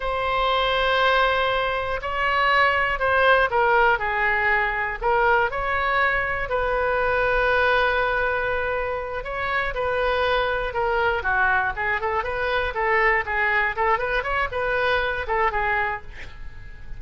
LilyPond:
\new Staff \with { instrumentName = "oboe" } { \time 4/4 \tempo 4 = 120 c''1 | cis''2 c''4 ais'4 | gis'2 ais'4 cis''4~ | cis''4 b'2.~ |
b'2~ b'8 cis''4 b'8~ | b'4. ais'4 fis'4 gis'8 | a'8 b'4 a'4 gis'4 a'8 | b'8 cis''8 b'4. a'8 gis'4 | }